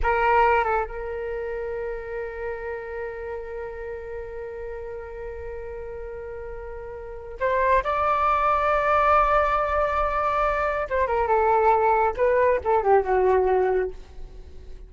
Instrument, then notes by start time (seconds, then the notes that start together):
flute
0.02 A#4
0.63 A4
0.85 A#4
7.40 C5
7.83 D5
10.89 C5
11.07 A#4
11.27 A4
12.16 B4
12.63 A4
12.83 G4
13.03 F#4